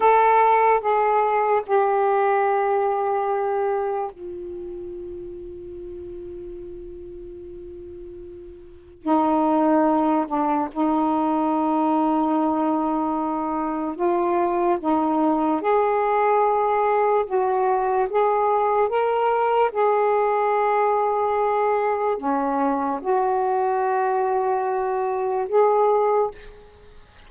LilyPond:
\new Staff \with { instrumentName = "saxophone" } { \time 4/4 \tempo 4 = 73 a'4 gis'4 g'2~ | g'4 f'2.~ | f'2. dis'4~ | dis'8 d'8 dis'2.~ |
dis'4 f'4 dis'4 gis'4~ | gis'4 fis'4 gis'4 ais'4 | gis'2. cis'4 | fis'2. gis'4 | }